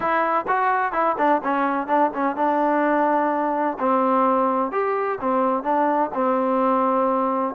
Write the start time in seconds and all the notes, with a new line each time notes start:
0.00 E4
0.47 F#4
0.92 E4
1.17 D4
1.43 C#4
1.87 D4
2.14 C#4
2.35 D4
3.79 C4
4.71 G4
5.20 C4
5.63 D4
6.14 C4